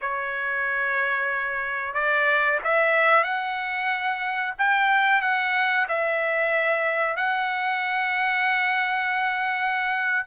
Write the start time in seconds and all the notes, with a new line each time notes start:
0.01 C#5
1.94 D5
2.64 E5
3.23 F#5
4.58 G5
5.21 F#5
5.88 E5
7.16 F#5